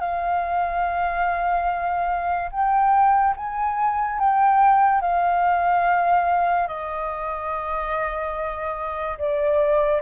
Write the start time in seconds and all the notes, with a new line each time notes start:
0.00 F5
2.52 G5
3.36 G#5
4.19 G5
5.01 F5
6.67 D#5
9.18 D5